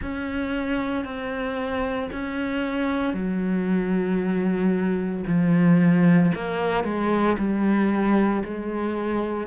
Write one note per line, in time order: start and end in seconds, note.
0.01 1.04 C#4
1.04 2.10 C4
2.11 3.13 C#4
3.13 5.23 F#3
5.26 6.32 F3
6.34 6.84 A#3
6.84 7.36 G#3
7.37 8.43 G3
8.44 9.47 G#3